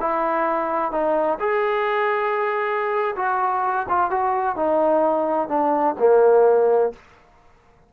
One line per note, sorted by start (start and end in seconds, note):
0.00 0.91 E4
0.91 1.38 D#4
1.39 3.15 G#4
3.16 3.86 F#4
3.88 4.10 F4
4.10 4.56 F#4
4.56 5.48 D#4
5.48 5.95 D4
5.99 6.92 A#3